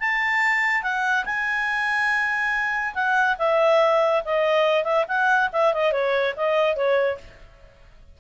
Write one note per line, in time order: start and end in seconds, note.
0.00 0.83 A5
0.83 1.25 F#5
1.25 2.94 G#5
2.95 3.37 F#5
3.39 4.23 E5
4.25 4.84 D#5
4.84 5.06 E5
5.08 5.50 F#5
5.53 5.74 E5
5.74 5.92 D#5
5.92 6.35 C#5
6.37 6.76 D#5
6.76 7.18 C#5